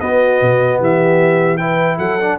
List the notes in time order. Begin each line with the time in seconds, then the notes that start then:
0.00 B3 F#4 D#5
0.41 B2
0.79 E3 G4 E5
1.57 E4 B4 G5
1.98 F#3 A4 F#5
2.20 D4